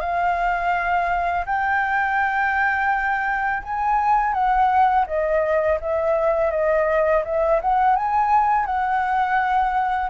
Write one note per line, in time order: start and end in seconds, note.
0.00 1.45 F5
1.45 3.62 G5
3.63 4.33 G#5
4.33 5.05 F#5
5.06 5.79 D#5
5.80 6.51 E5
6.51 7.23 D#5
7.24 7.60 E5
7.61 7.96 F#5
7.96 8.65 G#5
8.65 10.09 F#5